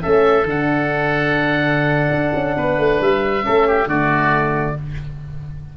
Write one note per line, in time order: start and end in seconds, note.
0.00 0.44 A3
0.00 0.44 C#4
0.00 2.56 A4
0.00 0.46 E5
0.44 2.10 D3
0.44 3.41 D4
0.44 3.02 F#5
2.10 2.32 D4
2.34 2.56 C#4
2.56 2.78 B3
2.56 3.45 B4
2.78 3.00 A3
3.00 3.44 G3
3.00 3.88 E5
3.41 3.85 C#4
3.41 3.67 A4
3.48 3.86 A3
3.67 3.88 G4
3.86 4.75 D3
3.86 4.77 A3
3.86 4.76 F#4
3.86 4.77 D5